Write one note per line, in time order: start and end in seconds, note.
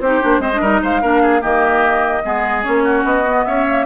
0.00 0.20 C4
0.00 0.21 D#4
0.00 0.41 G4
0.00 0.41 C5
0.21 0.38 A#3
0.21 0.40 D4
0.38 0.59 G#3
0.38 0.50 C4
0.38 0.60 C5
0.38 0.82 D#5
0.53 0.62 D4
0.60 0.81 G3
0.60 1.01 D#4
0.60 0.80 A#4
0.82 1.02 G#3
0.82 1.01 C5
0.82 1.42 F5
1.01 1.43 A#3
1.01 1.41 D4
1.01 1.21 A#4
1.22 1.41 G#4
1.41 2.24 D#3
1.41 2.22 A#3
1.41 2.22 G4
1.41 2.64 D#5
2.22 2.65 G#3
2.22 2.62 B3
2.22 2.83 G#4
2.62 3.03 A#3
2.62 3.23 C#4
2.62 3.04 C#5
2.83 3.44 F#4
3.03 3.44 B3
3.03 3.45 D#5
3.26 3.67 B3
3.45 3.86 C#4
3.45 3.86 C#5
3.45 3.85 E5
3.67 3.86 A#3